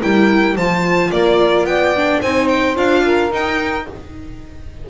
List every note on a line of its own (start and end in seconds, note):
0.00 0.56 G3
0.00 0.56 E4
0.00 0.55 A#4
0.00 0.56 G5
0.55 1.11 F3
0.55 1.96 F4
0.55 1.10 C5
0.55 1.11 A5
1.11 1.64 A#3
1.11 1.68 A#4
1.11 1.65 D5
1.64 2.19 B3
1.64 2.21 D5
1.64 2.21 G5
1.96 2.23 D4
2.21 2.76 C4
2.21 2.75 D#4
2.21 3.04 C5
2.21 2.48 G#5
2.48 2.75 G5
2.75 3.31 D4
2.75 3.30 F4
2.75 3.32 F5
3.04 3.87 A#4
3.31 3.86 D#4
3.31 3.87 D#4
3.31 3.89 G5